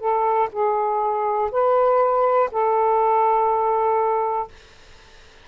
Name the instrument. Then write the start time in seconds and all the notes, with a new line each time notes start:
saxophone
0.00 A4
0.52 G#4
1.52 B4
2.52 A4